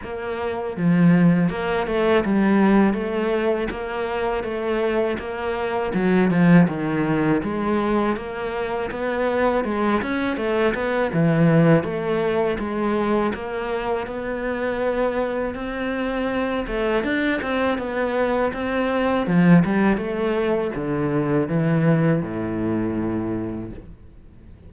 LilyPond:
\new Staff \with { instrumentName = "cello" } { \time 4/4 \tempo 4 = 81 ais4 f4 ais8 a8 g4 | a4 ais4 a4 ais4 | fis8 f8 dis4 gis4 ais4 | b4 gis8 cis'8 a8 b8 e4 |
a4 gis4 ais4 b4~ | b4 c'4. a8 d'8 c'8 | b4 c'4 f8 g8 a4 | d4 e4 a,2 | }